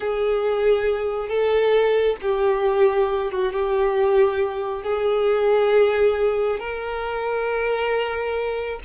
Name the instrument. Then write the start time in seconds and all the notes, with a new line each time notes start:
violin
0.00 G#4
1.28 A4
2.21 G4
3.31 F#4
3.52 G4
4.83 G#4
6.59 A#4